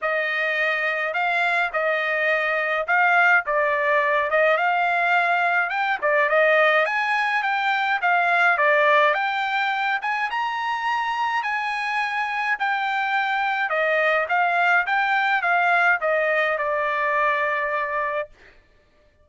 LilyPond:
\new Staff \with { instrumentName = "trumpet" } { \time 4/4 \tempo 4 = 105 dis''2 f''4 dis''4~ | dis''4 f''4 d''4. dis''8 | f''2 g''8 d''8 dis''4 | gis''4 g''4 f''4 d''4 |
g''4. gis''8 ais''2 | gis''2 g''2 | dis''4 f''4 g''4 f''4 | dis''4 d''2. | }